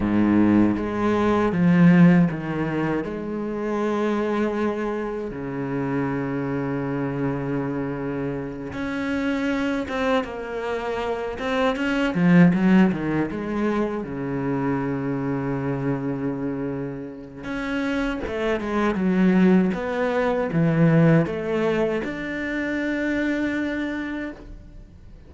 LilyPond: \new Staff \with { instrumentName = "cello" } { \time 4/4 \tempo 4 = 79 gis,4 gis4 f4 dis4 | gis2. cis4~ | cis2.~ cis8 cis'8~ | cis'4 c'8 ais4. c'8 cis'8 |
f8 fis8 dis8 gis4 cis4.~ | cis2. cis'4 | a8 gis8 fis4 b4 e4 | a4 d'2. | }